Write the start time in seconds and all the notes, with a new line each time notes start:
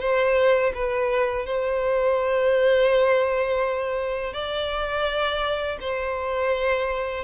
0.00 C5
0.74 B4
1.45 C5
4.33 D5
5.80 C5